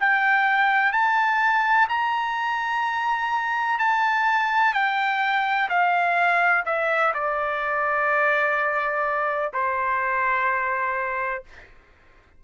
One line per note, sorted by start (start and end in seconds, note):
0.00 0.93 G5
0.93 1.88 A5
1.89 3.79 A#5
3.79 4.74 A5
4.74 5.69 G5
5.69 6.65 F5
6.66 7.13 E5
7.14 9.52 D5
9.54 11.44 C5